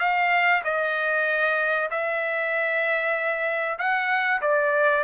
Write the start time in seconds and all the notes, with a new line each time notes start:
0.00 F5
0.65 D#5
1.91 E5
3.79 F#5
4.42 D5